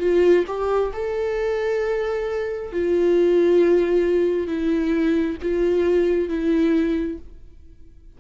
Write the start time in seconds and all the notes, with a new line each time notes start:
0.00 F4
0.47 G4
0.93 A4
2.72 F4
4.47 E4
5.42 F4
6.29 E4